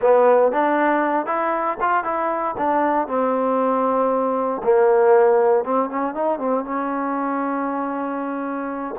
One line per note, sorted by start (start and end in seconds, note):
0.01 0.52 B3
0.52 1.26 D4
1.26 1.77 E4
1.80 2.03 F4
2.03 2.55 E4
2.57 3.07 D4
3.07 4.61 C4
4.63 5.64 A#3
5.64 5.89 C4
5.89 6.14 C#4
6.14 6.38 D#4
6.38 6.64 C4
6.64 8.95 C#4